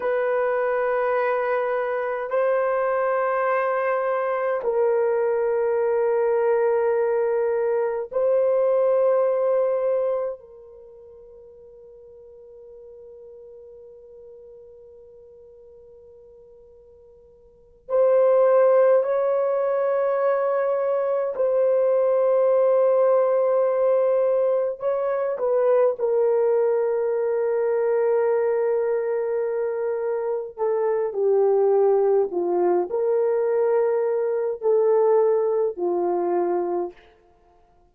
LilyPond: \new Staff \with { instrumentName = "horn" } { \time 4/4 \tempo 4 = 52 b'2 c''2 | ais'2. c''4~ | c''4 ais'2.~ | ais'2.~ ais'8 c''8~ |
c''8 cis''2 c''4.~ | c''4. cis''8 b'8 ais'4.~ | ais'2~ ais'8 a'8 g'4 | f'8 ais'4. a'4 f'4 | }